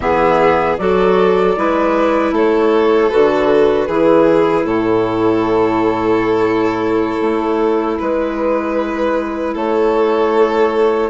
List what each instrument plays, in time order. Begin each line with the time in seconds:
0.00 bassoon E3, clarinet B3, violin G#4, flute E5
0.77 bassoon F#3, clarinet F#4, violin A4, flute D5
1.56 bassoon G#3, clarinet E4, violin B4
2.31 bassoon A3, violin A4, flute C#5
3.09 bassoon D3, clarinet F#4, flute B4
3.87 bassoon E3, clarinet E4, violin G#4
4.64 bassoon A2, violin A4, flute C#5
7.21 bassoon A3
7.99 bassoon G#3, violin B4, flute B4
9.54 bassoon A3, violin A4, flute C#5